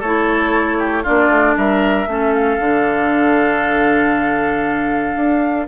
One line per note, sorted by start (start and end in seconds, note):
0.00 1.04 A3
0.00 1.04 E4
0.00 0.77 A4
0.00 1.04 C#5
0.79 1.03 G4
1.03 1.29 A#3
1.03 2.07 D4
1.03 1.54 F4
1.03 1.57 D5
1.29 1.55 A3
1.57 2.07 G3
1.57 2.09 A#4
1.57 2.34 E5
2.07 2.58 A3
2.07 2.60 C#4
2.07 5.68 A4
2.34 5.67 F5
2.59 5.16 D3
2.59 5.68 D4
5.16 5.67 D4